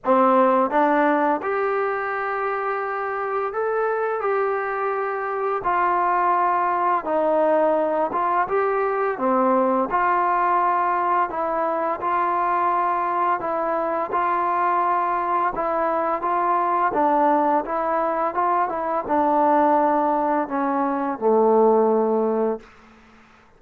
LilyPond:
\new Staff \with { instrumentName = "trombone" } { \time 4/4 \tempo 4 = 85 c'4 d'4 g'2~ | g'4 a'4 g'2 | f'2 dis'4. f'8 | g'4 c'4 f'2 |
e'4 f'2 e'4 | f'2 e'4 f'4 | d'4 e'4 f'8 e'8 d'4~ | d'4 cis'4 a2 | }